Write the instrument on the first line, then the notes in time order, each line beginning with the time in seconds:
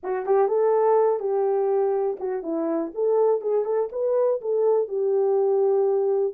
horn
0.03 F#4
0.26 G4
0.48 A4
1.19 G4
2.19 F#4
2.42 E4
2.94 A4
3.41 G#4
3.65 A4
3.92 B4
4.41 A4
4.88 G4